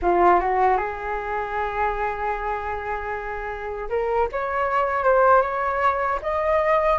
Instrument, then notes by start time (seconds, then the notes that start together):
flute
0.01 F4
0.40 F#4
0.77 G#4
3.89 A#4
4.32 C#5
5.03 C5
5.42 C#5
6.22 D#5